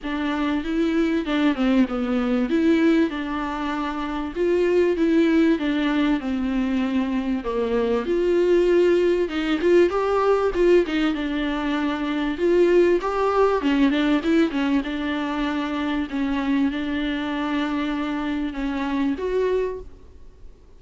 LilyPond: \new Staff \with { instrumentName = "viola" } { \time 4/4 \tempo 4 = 97 d'4 e'4 d'8 c'8 b4 | e'4 d'2 f'4 | e'4 d'4 c'2 | ais4 f'2 dis'8 f'8 |
g'4 f'8 dis'8 d'2 | f'4 g'4 cis'8 d'8 e'8 cis'8 | d'2 cis'4 d'4~ | d'2 cis'4 fis'4 | }